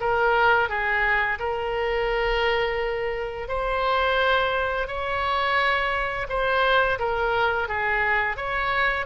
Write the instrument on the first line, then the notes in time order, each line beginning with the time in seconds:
oboe
0.00 A#4
0.68 G#4
1.39 A#4
3.48 C5
4.87 C#5
6.29 C5
6.99 A#4
7.68 G#4
8.36 C#5